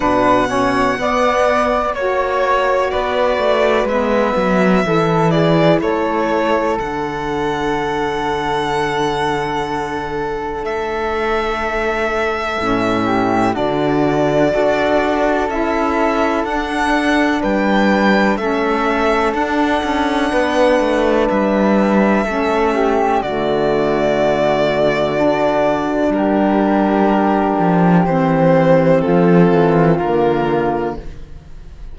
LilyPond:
<<
  \new Staff \with { instrumentName = "violin" } { \time 4/4 \tempo 4 = 62 fis''2 cis''4 d''4 | e''4. d''8 cis''4 fis''4~ | fis''2. e''4~ | e''2 d''2 |
e''4 fis''4 g''4 e''4 | fis''2 e''2 | d''2. ais'4~ | ais'4 c''4 a'4 ais'4 | }
  \new Staff \with { instrumentName = "flute" } { \time 4/4 b'8 cis''8 d''4 cis''4 b'4~ | b'4 a'8 gis'8 a'2~ | a'1~ | a'4. g'8 fis'4 a'4~ |
a'2 b'4 a'4~ | a'4 b'2 a'8 g'8 | fis'2. g'4~ | g'2 f'2 | }
  \new Staff \with { instrumentName = "saxophone" } { \time 4/4 d'8 cis'8 b4 fis'2 | b4 e'2 d'4~ | d'1~ | d'4 cis'4 d'4 fis'4 |
e'4 d'2 cis'4 | d'2. cis'4 | a2 d'2~ | d'4 c'2 ais4 | }
  \new Staff \with { instrumentName = "cello" } { \time 4/4 b,4 b4 ais4 b8 a8 | gis8 fis8 e4 a4 d4~ | d2. a4~ | a4 a,4 d4 d'4 |
cis'4 d'4 g4 a4 | d'8 cis'8 b8 a8 g4 a4 | d2. g4~ | g8 f8 e4 f8 e8 d4 | }
>>